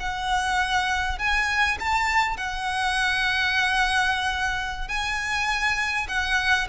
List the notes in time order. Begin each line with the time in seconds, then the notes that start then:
0.00 F#5
1.19 G#5
1.80 A5
2.37 F#5
4.88 G#5
6.08 F#5